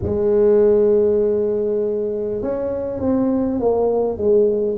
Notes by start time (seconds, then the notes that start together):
0.03 G#3
2.42 C#4
2.99 C4
3.59 A#3
4.17 G#3